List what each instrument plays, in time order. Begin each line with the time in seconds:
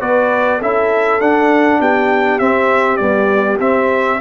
0.00 tuba B3, trombone F#4, horn B4, trumpet D5
0.58 tuba C#4, trombone E4, horn A4, trumpet E5
1.21 tuba D4, trombone D4, trumpet F#5
1.80 tuba B3, horn G4, trumpet G5
2.39 tuba C4, trombone C4, trumpet E5
2.97 trombone G3, tuba B3, trumpet D5
3.60 tuba C4, trombone C4, trumpet E5